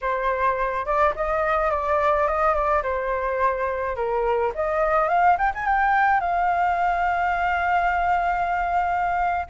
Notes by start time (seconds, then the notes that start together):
0.01 C5
0.85 D5
1.15 D#5
1.70 D5
2.27 D#5
2.54 D5
2.82 C5
3.95 A#4
4.55 D#5
5.08 F5
5.38 G5
5.54 G#5
5.65 G5
6.20 F5